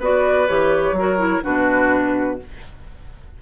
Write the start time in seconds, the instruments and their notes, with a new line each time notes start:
0.00 bassoon B3, clarinet F#4, oboe B4, flute D5
0.48 bassoon E3, clarinet G4, flute C#5
0.92 bassoon F#3
0.99 clarinet F#4, oboe A#4
1.18 clarinet E4
1.43 bassoon B2, clarinet D4, oboe F#4, flute B4